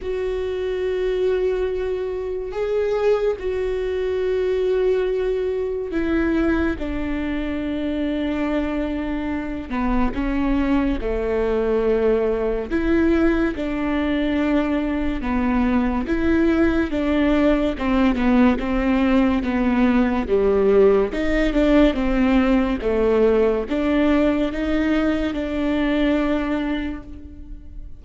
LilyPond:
\new Staff \with { instrumentName = "viola" } { \time 4/4 \tempo 4 = 71 fis'2. gis'4 | fis'2. e'4 | d'2.~ d'8 b8 | cis'4 a2 e'4 |
d'2 b4 e'4 | d'4 c'8 b8 c'4 b4 | g4 dis'8 d'8 c'4 a4 | d'4 dis'4 d'2 | }